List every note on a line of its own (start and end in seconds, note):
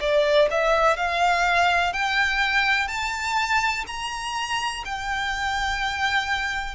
0.00 0.48 D5
0.50 0.96 E5
0.96 1.93 F5
1.93 2.87 G5
2.87 3.84 A5
3.87 4.83 A#5
4.85 6.75 G5